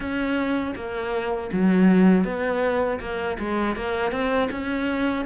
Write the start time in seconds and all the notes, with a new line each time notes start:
0.00 C#4
0.75 A#3
1.52 F#3
2.24 B3
3.00 A#3
3.38 G#3
3.76 A#3
4.11 C4
4.51 C#4